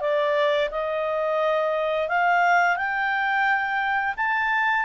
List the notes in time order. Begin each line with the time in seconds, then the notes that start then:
0.00 D5
0.71 D#5
2.08 F5
2.76 G5
4.17 A5